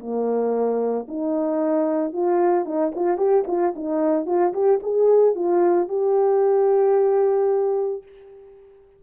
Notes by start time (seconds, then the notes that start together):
0.00 A#3
1.08 D#4
2.13 F4
2.65 D#4
2.96 F4
3.18 G4
3.48 F4
3.76 D#4
4.27 F4
4.54 G4
4.83 G#4
5.35 F4
5.89 G4